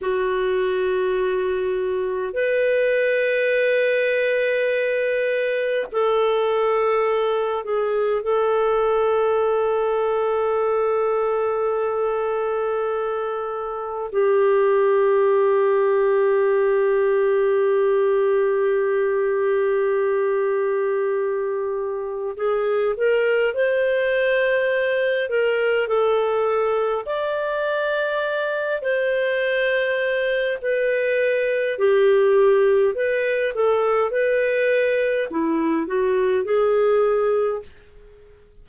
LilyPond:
\new Staff \with { instrumentName = "clarinet" } { \time 4/4 \tempo 4 = 51 fis'2 b'2~ | b'4 a'4. gis'8 a'4~ | a'1 | g'1~ |
g'2. gis'8 ais'8 | c''4. ais'8 a'4 d''4~ | d''8 c''4. b'4 g'4 | b'8 a'8 b'4 e'8 fis'8 gis'4 | }